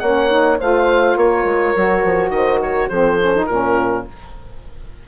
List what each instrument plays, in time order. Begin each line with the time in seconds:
0.00 bassoon A#3, saxophone C#4, horn C#5, oboe F#5
0.31 saxophone D#4
0.59 bassoon A3, saxophone F4, horn C5, oboe F5
1.17 bassoon A#3, horn A#4, oboe C#5
1.45 bassoon G#3
1.76 bassoon F#3, saxophone F#4
2.05 bassoon F3
2.30 bassoon D#3, oboe D#5
2.36 horn C5
2.61 horn A#4, oboe C#5
2.89 bassoon F3, saxophone C4, horn A4, oboe C5
3.21 saxophone C#4
3.35 saxophone D#4
3.46 bassoon A#2, saxophone C#4, horn F4, oboe A#4